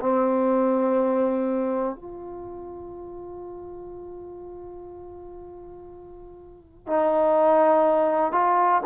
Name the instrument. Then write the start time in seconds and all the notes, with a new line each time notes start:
trombone
0.00 C4
1.95 F4
6.87 D#4
8.32 F4